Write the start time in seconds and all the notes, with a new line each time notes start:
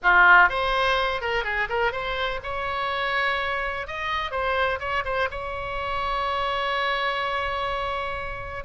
0.02 F4
0.49 C5
1.21 A#4
1.44 G#4
1.69 A#4
1.92 C5
2.43 C#5
3.87 D#5
4.31 C5
4.79 C#5
5.04 C5
5.30 C#5